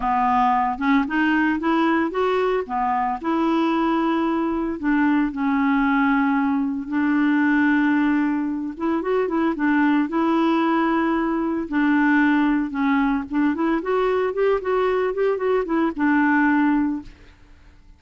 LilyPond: \new Staff \with { instrumentName = "clarinet" } { \time 4/4 \tempo 4 = 113 b4. cis'8 dis'4 e'4 | fis'4 b4 e'2~ | e'4 d'4 cis'2~ | cis'4 d'2.~ |
d'8 e'8 fis'8 e'8 d'4 e'4~ | e'2 d'2 | cis'4 d'8 e'8 fis'4 g'8 fis'8~ | fis'8 g'8 fis'8 e'8 d'2 | }